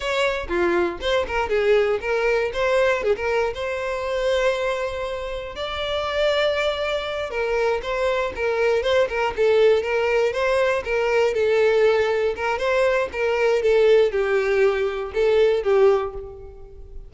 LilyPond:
\new Staff \with { instrumentName = "violin" } { \time 4/4 \tempo 4 = 119 cis''4 f'4 c''8 ais'8 gis'4 | ais'4 c''4 gis'16 ais'8. c''4~ | c''2. d''4~ | d''2~ d''8 ais'4 c''8~ |
c''8 ais'4 c''8 ais'8 a'4 ais'8~ | ais'8 c''4 ais'4 a'4.~ | a'8 ais'8 c''4 ais'4 a'4 | g'2 a'4 g'4 | }